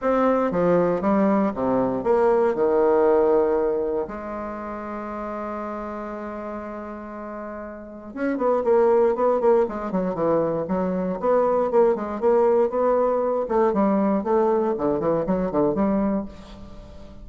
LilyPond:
\new Staff \with { instrumentName = "bassoon" } { \time 4/4 \tempo 4 = 118 c'4 f4 g4 c4 | ais4 dis2. | gis1~ | gis1 |
cis'8 b8 ais4 b8 ais8 gis8 fis8 | e4 fis4 b4 ais8 gis8 | ais4 b4. a8 g4 | a4 d8 e8 fis8 d8 g4 | }